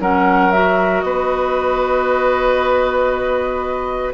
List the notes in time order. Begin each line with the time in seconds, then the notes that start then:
0.00 F#3 C#4 A#4 F#5
0.52 F#4 E5
1.01 B3 B4 D#5